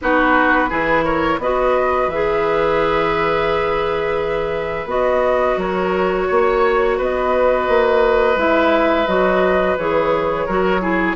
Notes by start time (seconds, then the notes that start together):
0.01 B3 D#4 F#4 B4
0.69 E3 E4 G#4
1.04 A#4 C#5
1.38 B3 F#4 B4 D#5
2.07 E3 G#4 E5
4.85 B3 F#4 D#5
5.56 F#3 A#4 C#5
6.27 A#3 C#5
6.97 B3 B4 D#5
7.68 A#3
8.36 G#3 E4 E5
9.06 F#3 F#4 D#5
9.77 E3 G#4 C#5
10.46 F#3 F#4 A#4
10.81 E4 G#4